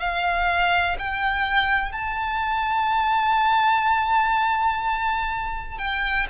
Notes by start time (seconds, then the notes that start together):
0.00 F5
0.99 G5
1.92 A5
5.78 G5